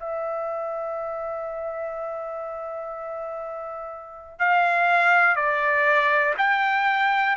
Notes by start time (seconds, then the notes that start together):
0.00 E5
4.39 F5
5.37 D5
6.38 G5